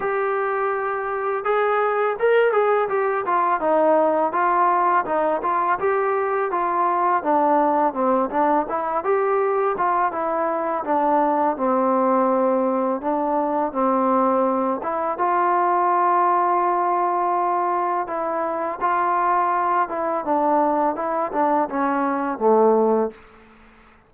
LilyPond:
\new Staff \with { instrumentName = "trombone" } { \time 4/4 \tempo 4 = 83 g'2 gis'4 ais'8 gis'8 | g'8 f'8 dis'4 f'4 dis'8 f'8 | g'4 f'4 d'4 c'8 d'8 | e'8 g'4 f'8 e'4 d'4 |
c'2 d'4 c'4~ | c'8 e'8 f'2.~ | f'4 e'4 f'4. e'8 | d'4 e'8 d'8 cis'4 a4 | }